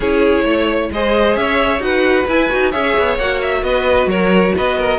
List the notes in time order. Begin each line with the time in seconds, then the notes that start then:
0.00 C#4 E4 G#4 C#5
0.44 A3 C#5
0.90 G#3 G#4 C5 D#5
1.36 C#4 C#5 E5
1.79 D#4 F#4 B4 F#5
2.27 E4 G#5
2.49 D#4 F#4
2.71 C#4 G#4 C#5 E5
2.98 B3
3.18 A#3 F#4 F#5
3.41 E5
3.62 B3 B4 D#5
4.06 F#3 A#4 C#5
4.56 B3 B4 D#5
4.78 A#4